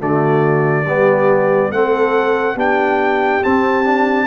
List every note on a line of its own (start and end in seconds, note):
0.00 0.86 D3
0.00 0.86 A3
0.00 0.85 F#4
0.00 1.72 D5
0.85 1.71 G3
0.85 1.74 B3
0.85 1.71 G4
1.71 2.56 A3
1.71 2.57 C4
1.71 2.56 A4
1.71 2.58 F#5
2.56 3.42 B3
2.56 3.43 D4
2.56 4.27 G4
2.56 3.44 G5
3.44 3.85 C4
3.44 4.28 C4
3.44 4.28 A5
3.85 4.28 D4